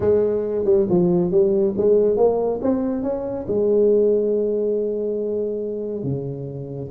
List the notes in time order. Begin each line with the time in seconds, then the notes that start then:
0.00 G#3
0.65 G3
0.89 F3
1.31 G3
1.77 G#3
2.16 A#3
2.62 C4
3.02 C#4
3.47 G#3
6.03 C#3